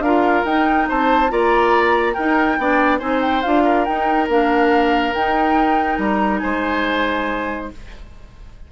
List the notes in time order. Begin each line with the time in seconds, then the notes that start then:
0.00 D4 F4 A#4 F5
0.45 D#4 G5
0.89 C4 C5 A5
1.29 A#3 F4 D5 A#5
2.14 D#4 A#4 G5
2.59 B3 D4 D5
2.99 C4 D#4 C5 G#5
3.22 G5
3.43 D4 F4 F5
3.64 A#4
3.85 D#4 G5
4.29 A#3 D4 F5
5.14 D#4 G5
5.99 G3 A#5
6.39 G#3 C5 G#5